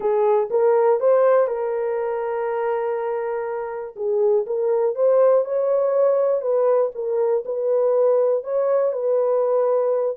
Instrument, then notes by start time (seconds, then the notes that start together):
horn
0.00 G#4
0.50 A#4
1.00 C5
1.47 A#4
3.96 G#4
4.46 A#4
4.95 C5
5.44 C#5
6.41 B4
6.94 A#4
7.45 B4
8.43 C#5
8.92 B4